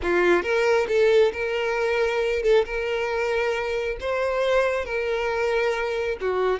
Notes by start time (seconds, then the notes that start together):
0.02 F4
0.42 A#4
0.87 A4
1.32 A#4
2.42 A4
2.65 A#4
4.00 C5
4.85 A#4
6.20 F#4